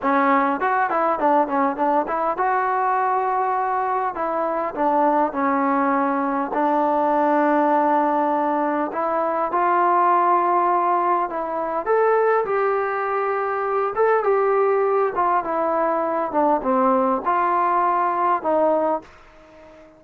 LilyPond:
\new Staff \with { instrumentName = "trombone" } { \time 4/4 \tempo 4 = 101 cis'4 fis'8 e'8 d'8 cis'8 d'8 e'8 | fis'2. e'4 | d'4 cis'2 d'4~ | d'2. e'4 |
f'2. e'4 | a'4 g'2~ g'8 a'8 | g'4. f'8 e'4. d'8 | c'4 f'2 dis'4 | }